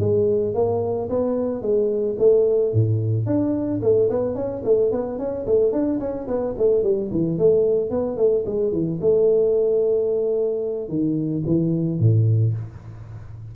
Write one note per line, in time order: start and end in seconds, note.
0.00 0.55 G#3
0.55 1.09 A#3
1.10 1.62 B3
1.62 2.17 G#3
2.19 2.73 A3
2.73 3.27 A2
3.27 3.81 D4
3.83 4.10 A3
4.10 4.35 B3
4.35 4.63 C#4
4.65 4.92 A3
4.92 5.19 B3
5.19 5.46 C#4
5.47 5.73 A3
5.73 6.00 D4
6.00 6.28 C#4
6.28 6.55 B3
6.58 6.83 A3
6.83 7.11 G3
7.12 7.39 E3
7.39 7.91 A3
7.91 8.17 B3
8.17 8.45 A3
8.46 8.72 G#3
8.72 9.00 E3
9.01 10.89 A3
10.89 11.43 D#3
11.47 12.00 E3
12.00 12.54 A2